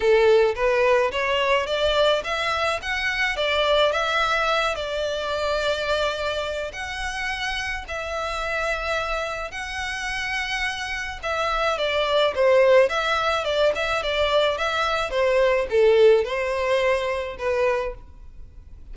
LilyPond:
\new Staff \with { instrumentName = "violin" } { \time 4/4 \tempo 4 = 107 a'4 b'4 cis''4 d''4 | e''4 fis''4 d''4 e''4~ | e''8 d''2.~ d''8 | fis''2 e''2~ |
e''4 fis''2. | e''4 d''4 c''4 e''4 | d''8 e''8 d''4 e''4 c''4 | a'4 c''2 b'4 | }